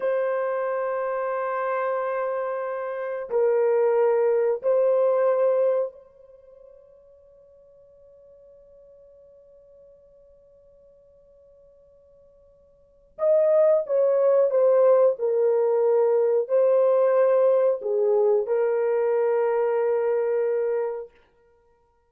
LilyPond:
\new Staff \with { instrumentName = "horn" } { \time 4/4 \tempo 4 = 91 c''1~ | c''4 ais'2 c''4~ | c''4 cis''2.~ | cis''1~ |
cis''1 | dis''4 cis''4 c''4 ais'4~ | ais'4 c''2 gis'4 | ais'1 | }